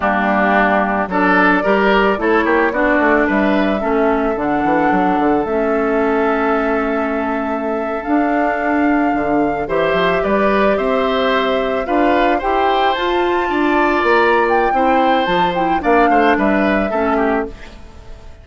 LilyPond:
<<
  \new Staff \with { instrumentName = "flute" } { \time 4/4 \tempo 4 = 110 g'2 d''2 | cis''4 d''4 e''2 | fis''2 e''2~ | e''2~ e''8. f''4~ f''16~ |
f''4.~ f''16 e''4 d''4 e''16~ | e''4.~ e''16 f''4 g''4 a''16~ | a''4.~ a''16 ais''8. g''4. | a''8 g''8 f''4 e''2 | }
  \new Staff \with { instrumentName = "oboe" } { \time 4/4 d'2 a'4 ais'4 | a'8 g'8 fis'4 b'4 a'4~ | a'1~ | a'1~ |
a'4.~ a'16 c''4 b'4 c''16~ | c''4.~ c''16 b'4 c''4~ c''16~ | c''8. d''2~ d''16 c''4~ | c''4 d''8 c''8 b'4 a'8 g'8 | }
  \new Staff \with { instrumentName = "clarinet" } { \time 4/4 ais2 d'4 g'4 | e'4 d'2 cis'4 | d'2 cis'2~ | cis'2~ cis'8. d'4~ d'16~ |
d'4.~ d'16 g'2~ g'16~ | g'4.~ g'16 f'4 g'4 f'16~ | f'2. e'4 | f'8 e'8 d'2 cis'4 | }
  \new Staff \with { instrumentName = "bassoon" } { \time 4/4 g2 fis4 g4 | a8 ais8 b8 a8 g4 a4 | d8 e8 fis8 d8 a2~ | a2~ a8. d'4~ d'16~ |
d'8. d4 e8 f8 g4 c'16~ | c'4.~ c'16 d'4 e'4 f'16~ | f'8. d'4 ais4~ ais16 c'4 | f4 ais8 a8 g4 a4 | }
>>